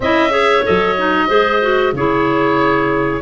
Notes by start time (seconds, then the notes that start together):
0.00 C#4 E4 D#5 E5
0.30 G#4 C#5
0.64 F#3 A4 D#5
0.97 D#4
1.28 G#3 G#4 C5
1.61 F#4
1.93 C#3 E4 G#4 C#5